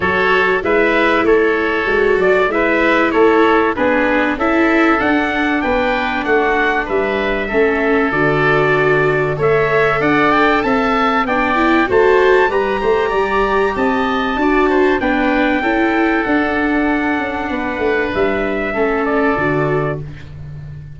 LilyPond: <<
  \new Staff \with { instrumentName = "trumpet" } { \time 4/4 \tempo 4 = 96 cis''4 e''4 cis''4. d''8 | e''4 cis''4 b'4 e''4 | fis''4 g''4 fis''4 e''4~ | e''4 d''2 e''4 |
fis''8 g''8 a''4 g''4 a''4 | ais''2 a''2 | g''2 fis''2~ | fis''4 e''4. d''4. | }
  \new Staff \with { instrumentName = "oboe" } { \time 4/4 a'4 b'4 a'2 | b'4 a'4 gis'4 a'4~ | a'4 b'4 fis'4 b'4 | a'2. cis''4 |
d''4 e''4 d''4 c''4 | b'8 c''8 d''4 dis''4 d''8 c''8 | b'4 a'2. | b'2 a'2 | }
  \new Staff \with { instrumentName = "viola" } { \time 4/4 fis'4 e'2 fis'4 | e'2 d'4 e'4 | d'1 | cis'4 fis'2 a'4~ |
a'2 d'8 e'8 fis'4 | g'2. fis'4 | d'4 e'4 d'2~ | d'2 cis'4 fis'4 | }
  \new Staff \with { instrumentName = "tuba" } { \time 4/4 fis4 gis4 a4 gis8 fis8 | gis4 a4 b4 cis'4 | d'4 b4 a4 g4 | a4 d2 a4 |
d'4 c'4 b4 a4 | g8 a8 g4 c'4 d'4 | b4 cis'4 d'4. cis'8 | b8 a8 g4 a4 d4 | }
>>